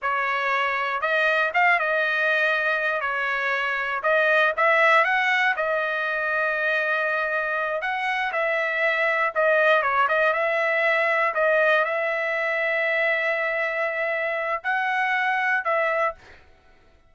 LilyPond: \new Staff \with { instrumentName = "trumpet" } { \time 4/4 \tempo 4 = 119 cis''2 dis''4 f''8 dis''8~ | dis''2 cis''2 | dis''4 e''4 fis''4 dis''4~ | dis''2.~ dis''8 fis''8~ |
fis''8 e''2 dis''4 cis''8 | dis''8 e''2 dis''4 e''8~ | e''1~ | e''4 fis''2 e''4 | }